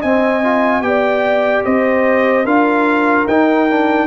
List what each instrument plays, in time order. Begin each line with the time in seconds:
0.00 trombone C4, tuba C4, horn D#5, trumpet G#5
0.44 trombone F4
0.81 tuba B3, trombone G4, horn D5, trumpet G5
1.65 tuba C4, horn C5, trumpet D#5
2.45 tuba D4, trombone F4, horn A#4, trumpet F5
3.27 tuba D#4, trombone D#4, trumpet G5
3.70 trombone D4